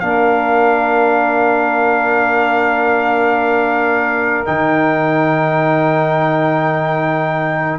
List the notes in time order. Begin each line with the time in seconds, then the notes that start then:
0.00 A#3 D4 A#4 F5
4.46 D#3 D#4 G5